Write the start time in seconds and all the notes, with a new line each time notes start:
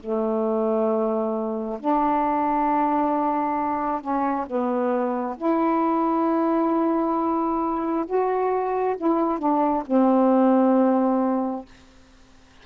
0.00 A3
1.80 D4
4.01 C#4
4.47 B3
5.37 E4
8.06 F#4
8.97 E4
9.39 D4
9.86 C4